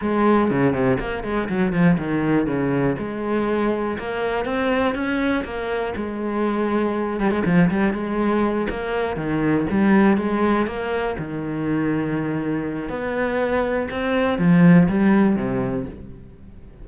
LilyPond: \new Staff \with { instrumentName = "cello" } { \time 4/4 \tempo 4 = 121 gis4 cis8 c8 ais8 gis8 fis8 f8 | dis4 cis4 gis2 | ais4 c'4 cis'4 ais4 | gis2~ gis8 g16 gis16 f8 g8 |
gis4. ais4 dis4 g8~ | g8 gis4 ais4 dis4.~ | dis2 b2 | c'4 f4 g4 c4 | }